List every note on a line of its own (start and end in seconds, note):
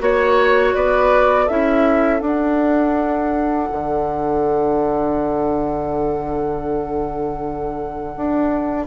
0.00 0.75 A#3
0.00 1.48 F#4
0.00 0.76 C#5
0.00 0.75 C#5
0.75 1.49 B3
0.75 1.45 B4
0.75 1.49 D5
1.45 2.21 C#4
1.45 2.20 E4
1.45 8.86 A4
1.45 2.20 E5
2.20 8.87 D4
2.20 3.69 D4
2.20 8.87 F#5
3.72 8.17 D3
8.17 8.87 D4